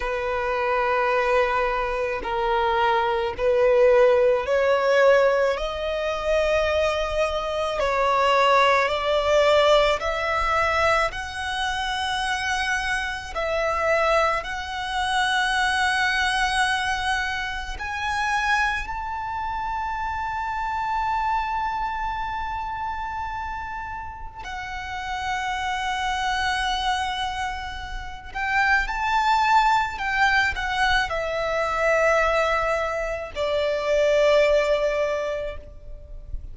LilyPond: \new Staff \with { instrumentName = "violin" } { \time 4/4 \tempo 4 = 54 b'2 ais'4 b'4 | cis''4 dis''2 cis''4 | d''4 e''4 fis''2 | e''4 fis''2. |
gis''4 a''2.~ | a''2 fis''2~ | fis''4. g''8 a''4 g''8 fis''8 | e''2 d''2 | }